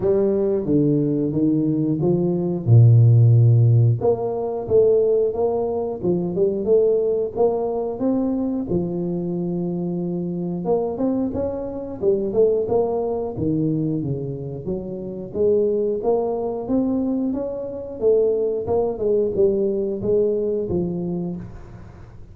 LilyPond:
\new Staff \with { instrumentName = "tuba" } { \time 4/4 \tempo 4 = 90 g4 d4 dis4 f4 | ais,2 ais4 a4 | ais4 f8 g8 a4 ais4 | c'4 f2. |
ais8 c'8 cis'4 g8 a8 ais4 | dis4 cis4 fis4 gis4 | ais4 c'4 cis'4 a4 | ais8 gis8 g4 gis4 f4 | }